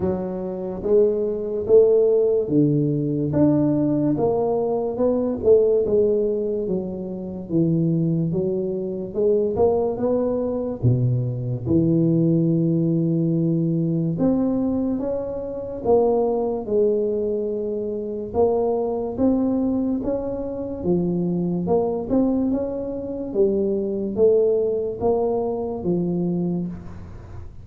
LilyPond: \new Staff \with { instrumentName = "tuba" } { \time 4/4 \tempo 4 = 72 fis4 gis4 a4 d4 | d'4 ais4 b8 a8 gis4 | fis4 e4 fis4 gis8 ais8 | b4 b,4 e2~ |
e4 c'4 cis'4 ais4 | gis2 ais4 c'4 | cis'4 f4 ais8 c'8 cis'4 | g4 a4 ais4 f4 | }